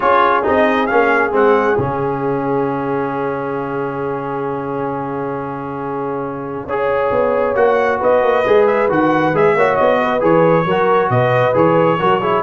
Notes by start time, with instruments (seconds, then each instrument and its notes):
0.00 tuba C#4, trombone F4, horn G#4, trumpet C#5
0.42 tuba C4, trombone D#4, trumpet D#5
0.86 tuba A#3, trombone C#4, trumpet F5
1.31 tuba G#3, trombone C4, trumpet F#5
1.78 tuba C#3, trombone C#4, trumpet F5
6.66 tuba C#4, trombone G#4, horn C#5
7.11 tuba B3
7.55 tuba A#3, trombone F#4, trumpet F#5
7.99 tuba B3, horn B4, trumpet D#5
8.22 tuba A#3
8.46 tuba G#3, trombone G#4
8.66 trumpet E5
8.88 tuba D#3, trombone F#4, trumpet F#5
9.33 tuba G#3, trombone G#4, trumpet E5
9.55 tuba A#3, trombone F#4, horn C#5
9.76 tuba B3, trumpet D#5
10.02 horn B4
10.20 tuba E3, trombone G#4, trumpet C#5
10.65 tuba F#3, trombone F#4, horn A#4
11.09 tuba B2, horn B4, trumpet D#5
11.53 tuba E3, trombone G#4, trumpet C#5
11.99 tuba F#3, trombone F#4, horn A#4
12.20 trombone E4, horn G#4